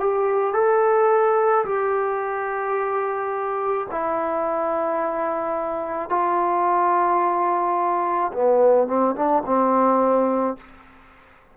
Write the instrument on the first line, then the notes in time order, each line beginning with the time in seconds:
trombone
0.00 G4
0.54 A4
1.65 G4
3.91 E4
6.10 F4
8.33 B3
8.87 C4
9.16 D4
9.46 C4